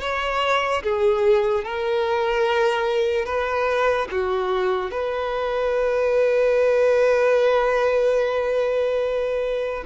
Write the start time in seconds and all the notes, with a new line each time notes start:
0.00 C#5
0.83 G#4
1.64 A#4
3.25 B4
4.11 F#4
4.91 B4